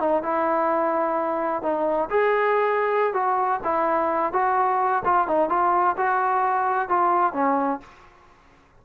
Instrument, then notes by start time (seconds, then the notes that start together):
trombone
0.00 D#4
0.23 E4
1.63 D#4
2.11 G#4
3.14 F#4
3.65 E4
4.33 F#4
5.05 F4
5.28 D#4
5.50 F4
5.98 F#4
6.89 F4
7.34 C#4